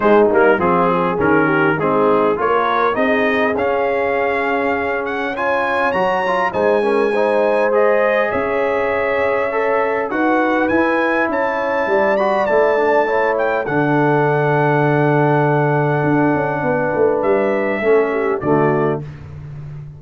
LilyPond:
<<
  \new Staff \with { instrumentName = "trumpet" } { \time 4/4 \tempo 4 = 101 c''8 ais'8 gis'4 ais'4 gis'4 | cis''4 dis''4 f''2~ | f''8 fis''8 gis''4 ais''4 gis''4~ | gis''4 dis''4 e''2~ |
e''4 fis''4 gis''4 a''4~ | a''8 b''8 a''4. g''8 fis''4~ | fis''1~ | fis''4 e''2 d''4 | }
  \new Staff \with { instrumentName = "horn" } { \time 4/4 dis'4 f'8 gis'4 g'8 dis'4 | ais'4 gis'2.~ | gis'4 cis''2 c''8 ais'8 | c''2 cis''2~ |
cis''4 b'2 cis''4 | d''2 cis''4 a'4~ | a'1 | b'2 a'8 g'8 fis'4 | }
  \new Staff \with { instrumentName = "trombone" } { \time 4/4 gis8 ais8 c'4 cis'4 c'4 | f'4 dis'4 cis'2~ | cis'4 f'4 fis'8 f'8 dis'8 cis'8 | dis'4 gis'2. |
a'4 fis'4 e'2~ | e'8 fis'8 e'8 d'8 e'4 d'4~ | d'1~ | d'2 cis'4 a4 | }
  \new Staff \with { instrumentName = "tuba" } { \time 4/4 gis8 g8 f4 dis4 gis4 | ais4 c'4 cis'2~ | cis'2 fis4 gis4~ | gis2 cis'2~ |
cis'4 dis'4 e'4 cis'4 | g4 a2 d4~ | d2. d'8 cis'8 | b8 a8 g4 a4 d4 | }
>>